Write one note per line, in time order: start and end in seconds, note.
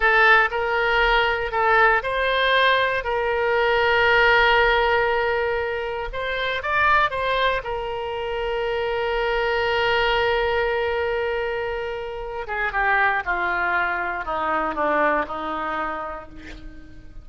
0.00 0.49 A4
0.50 1.51 A#4
1.51 2.02 A4
2.02 3.03 C5
3.03 6.09 A#4
6.12 6.62 C5
6.62 7.10 D5
7.10 7.61 C5
7.63 12.46 A#4
12.47 12.72 G#4
12.72 13.23 G4
13.25 14.25 F4
14.25 14.75 D#4
14.75 15.25 D4
15.27 16.29 D#4